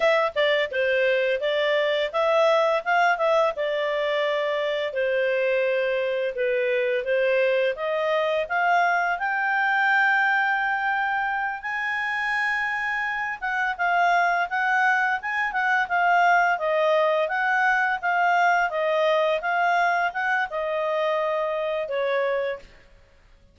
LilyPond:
\new Staff \with { instrumentName = "clarinet" } { \time 4/4 \tempo 4 = 85 e''8 d''8 c''4 d''4 e''4 | f''8 e''8 d''2 c''4~ | c''4 b'4 c''4 dis''4 | f''4 g''2.~ |
g''8 gis''2~ gis''8 fis''8 f''8~ | f''8 fis''4 gis''8 fis''8 f''4 dis''8~ | dis''8 fis''4 f''4 dis''4 f''8~ | f''8 fis''8 dis''2 cis''4 | }